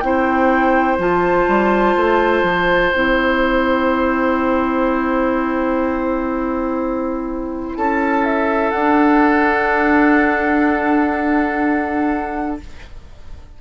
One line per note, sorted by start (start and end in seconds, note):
0.00 0.99 C4
0.00 0.99 E4
0.00 7.78 C5
0.00 0.97 G5
0.99 1.47 F3
0.99 2.93 F4
0.99 2.94 A5
1.48 1.96 G3
1.96 2.43 A3
2.43 2.91 F3
2.94 7.76 C4
2.94 8.74 E4
2.94 7.76 G5
7.76 8.73 C#4
7.76 12.61 A4
7.76 8.24 A5
8.24 8.71 E5
8.71 12.60 D4
8.71 12.61 D4
8.71 12.58 F#5